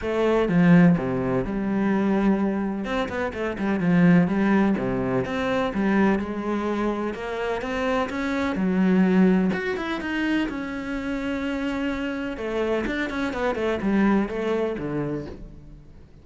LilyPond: \new Staff \with { instrumentName = "cello" } { \time 4/4 \tempo 4 = 126 a4 f4 c4 g4~ | g2 c'8 b8 a8 g8 | f4 g4 c4 c'4 | g4 gis2 ais4 |
c'4 cis'4 fis2 | fis'8 e'8 dis'4 cis'2~ | cis'2 a4 d'8 cis'8 | b8 a8 g4 a4 d4 | }